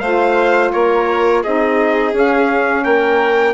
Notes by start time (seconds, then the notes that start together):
0.00 A3 F4 C5 F5
0.72 A#3 A#4 C#5
1.43 C4 D#4 G#4 D#5
2.12 C#4 F5
2.84 A#3 A#4 G5